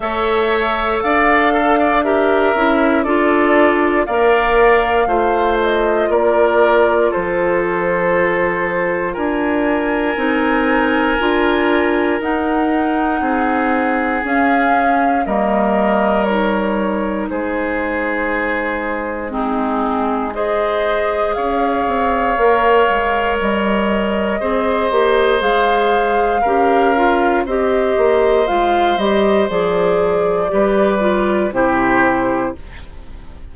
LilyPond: <<
  \new Staff \with { instrumentName = "flute" } { \time 4/4 \tempo 4 = 59 e''4 f''4 e''4 d''4 | f''4. dis''8 d''4 c''4~ | c''4 gis''2. | fis''2 f''4 dis''4 |
cis''4 c''2 gis'4 | dis''4 f''2 dis''4~ | dis''4 f''2 dis''4 | f''8 dis''8 d''2 c''4 | }
  \new Staff \with { instrumentName = "oboe" } { \time 4/4 cis''4 d''8 a'16 d''16 ais'4 a'4 | d''4 c''4 ais'4 a'4~ | a'4 ais'2.~ | ais'4 gis'2 ais'4~ |
ais'4 gis'2 dis'4 | c''4 cis''2. | c''2 ais'4 c''4~ | c''2 b'4 g'4 | }
  \new Staff \with { instrumentName = "clarinet" } { \time 4/4 a'2 g'8 e'8 f'4 | ais'4 f'2.~ | f'2 dis'4 f'4 | dis'2 cis'4 ais4 |
dis'2. c'4 | gis'2 ais'2 | gis'8 g'8 gis'4 g'8 f'8 g'4 | f'8 g'8 gis'4 g'8 f'8 e'4 | }
  \new Staff \with { instrumentName = "bassoon" } { \time 4/4 a4 d'4. cis'8 d'4 | ais4 a4 ais4 f4~ | f4 d'4 c'4 d'4 | dis'4 c'4 cis'4 g4~ |
g4 gis2.~ | gis4 cis'8 c'8 ais8 gis8 g4 | c'8 ais8 gis4 cis'4 c'8 ais8 | gis8 g8 f4 g4 c4 | }
>>